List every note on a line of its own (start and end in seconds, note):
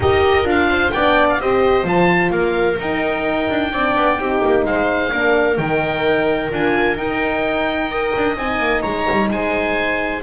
0.00 0.44 D#4
0.00 0.44 G4
0.00 0.70 A#4
0.00 0.48 D#5
0.44 0.90 D4
0.44 0.91 F4
0.44 0.91 F5
0.70 0.93 C5
0.91 1.39 B3
0.91 1.40 D4
0.91 1.40 D5
0.91 1.26 G5
1.29 1.40 F5
1.39 1.84 C4
1.39 1.83 G4
1.39 2.32 C5
1.39 1.87 D#5
1.83 2.30 F3
1.83 2.76 F4
1.83 2.31 A5
2.30 2.76 A#3
2.30 3.71 A#4
2.30 2.78 F5
2.79 3.49 D#4
2.79 3.72 D#4
2.79 4.65 G5
3.49 3.72 D4
3.72 3.96 C4
3.72 4.18 D4
3.72 4.19 D5
3.96 4.18 B3
4.18 4.42 C4
4.18 5.10 D#4
4.18 4.66 G4
4.45 4.64 A#3
4.64 5.11 G#3
4.64 5.12 C5
4.64 5.57 F5
5.10 5.58 A#3
5.10 5.56 D4
5.10 7.90 A#4
5.57 6.51 D#3
5.57 6.50 D#4
5.57 6.50 G5
6.50 6.96 D4
6.50 6.96 F4
6.50 6.97 G#5
6.96 8.12 D#4
6.96 7.90 D#4
6.96 8.36 G5
7.90 8.37 A#4
7.90 8.81 D#5
8.16 8.36 D4
8.36 8.58 C4
8.36 10.23 D#4
8.36 8.82 G#5
8.58 8.82 A#3
8.81 9.07 G#3
8.81 9.28 C#5
8.81 9.28 A#5
9.11 9.29 G3
9.29 10.22 G#3
9.29 10.23 C5
9.29 10.23 G#5